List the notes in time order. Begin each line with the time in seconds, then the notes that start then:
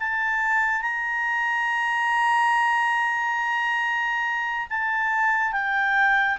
0.00 A5
0.82 A#5
4.70 A5
5.52 G5